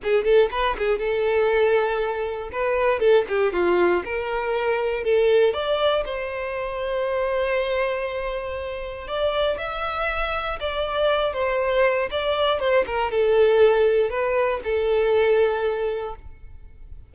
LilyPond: \new Staff \with { instrumentName = "violin" } { \time 4/4 \tempo 4 = 119 gis'8 a'8 b'8 gis'8 a'2~ | a'4 b'4 a'8 g'8 f'4 | ais'2 a'4 d''4 | c''1~ |
c''2 d''4 e''4~ | e''4 d''4. c''4. | d''4 c''8 ais'8 a'2 | b'4 a'2. | }